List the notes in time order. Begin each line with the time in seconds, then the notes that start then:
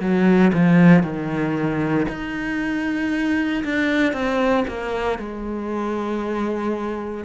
0.00 F#3
0.53 F3
1.03 D#3
2.08 D#4
3.64 D4
4.13 C4
4.68 A#3
5.18 G#3